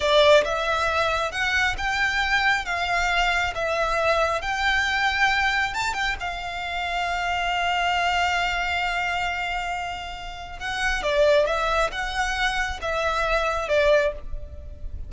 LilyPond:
\new Staff \with { instrumentName = "violin" } { \time 4/4 \tempo 4 = 136 d''4 e''2 fis''4 | g''2 f''2 | e''2 g''2~ | g''4 a''8 g''8 f''2~ |
f''1~ | f''1 | fis''4 d''4 e''4 fis''4~ | fis''4 e''2 d''4 | }